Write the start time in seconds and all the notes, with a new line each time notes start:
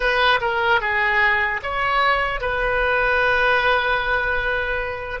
0.00 B4
0.40 A#4
0.80 G#4
1.63 C#5
2.40 B4